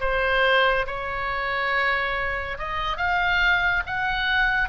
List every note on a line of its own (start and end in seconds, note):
0.00 0.86 C5
0.86 2.58 C#5
2.58 2.97 D#5
2.97 3.83 F5
3.86 4.69 F#5